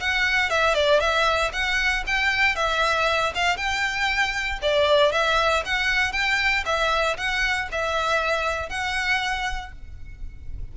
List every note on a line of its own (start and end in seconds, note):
0.00 0.50 F#5
0.50 0.74 E5
0.74 1.00 D5
1.00 1.51 E5
1.53 2.04 F#5
2.07 2.55 G5
2.55 3.32 E5
3.35 3.56 F5
3.56 4.59 G5
4.62 5.12 D5
5.12 5.63 E5
5.65 6.12 F#5
6.12 6.64 G5
6.65 7.17 E5
7.17 7.68 F#5
7.71 8.69 E5
8.69 9.72 F#5